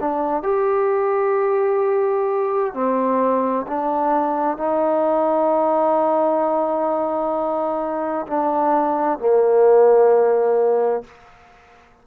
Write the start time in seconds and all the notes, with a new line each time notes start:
0.00 D4
0.43 G4
2.74 C4
3.68 D4
4.57 D#4
8.27 D4
9.19 A#3